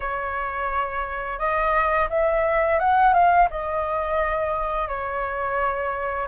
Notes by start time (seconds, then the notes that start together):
0.00 C#5
1.38 D#5
2.09 E5
2.79 F#5
3.13 F5
3.50 D#5
4.87 C#5